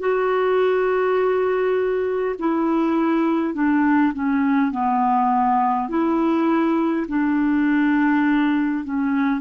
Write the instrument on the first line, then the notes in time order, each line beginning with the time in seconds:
clarinet
0.00 F#4
2.39 E4
3.55 D4
4.13 C#4
4.71 B3
5.89 E4
7.08 D4
8.84 C#4